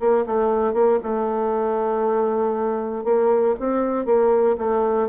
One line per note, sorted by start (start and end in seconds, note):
0.00 0.25 A#3
0.26 0.74 A3
0.74 0.99 A#3
1.04 3.05 A3
3.05 3.55 A#3
3.60 4.06 C4
4.06 4.57 A#3
4.58 5.09 A3